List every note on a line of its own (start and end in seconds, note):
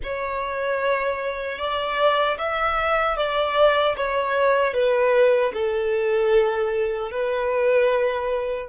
0.03 1.58 C#5
1.58 2.37 D5
2.38 3.16 E5
3.16 3.95 D5
3.97 4.73 C#5
4.73 5.52 B4
5.53 7.11 A4
7.11 8.68 B4